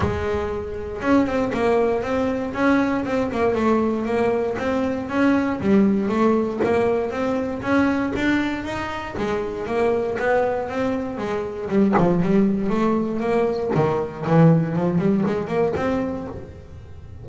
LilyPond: \new Staff \with { instrumentName = "double bass" } { \time 4/4 \tempo 4 = 118 gis2 cis'8 c'8 ais4 | c'4 cis'4 c'8 ais8 a4 | ais4 c'4 cis'4 g4 | a4 ais4 c'4 cis'4 |
d'4 dis'4 gis4 ais4 | b4 c'4 gis4 g8 f8 | g4 a4 ais4 dis4 | e4 f8 g8 gis8 ais8 c'4 | }